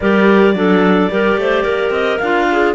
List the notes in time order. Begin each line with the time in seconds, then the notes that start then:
0.00 G3 G4 A#4 D5
0.53 F#3 D4 A4
1.10 G3 G4 A#4
1.37 A3 C5
1.63 A#3 A#4
1.90 C4 D#5
2.18 D4 F4 F5
2.51 G#4